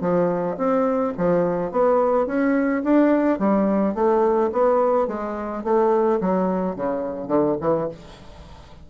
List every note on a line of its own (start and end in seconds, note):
0.00 0.56 F3
0.57 1.13 C4
1.17 1.71 F3
1.71 2.26 B3
2.26 2.82 C#4
2.83 3.39 D4
3.39 3.94 G3
3.94 4.50 A3
4.52 5.07 B3
5.07 5.63 G#3
5.63 6.19 A3
6.20 6.75 F#3
6.75 7.27 C#3
7.27 7.55 D3
7.60 7.88 E3